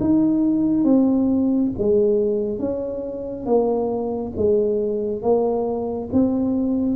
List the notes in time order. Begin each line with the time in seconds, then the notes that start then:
0.00 D#4
0.84 C4
1.77 G#3
2.58 C#4
3.45 A#3
4.36 G#3
5.22 A#3
6.12 C4